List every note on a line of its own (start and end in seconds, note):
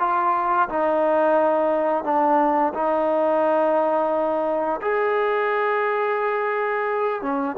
0.00 0.69 F4
0.69 2.04 D#4
2.04 2.73 D4
2.74 4.81 D#4
4.82 7.22 G#4
7.22 7.56 C#4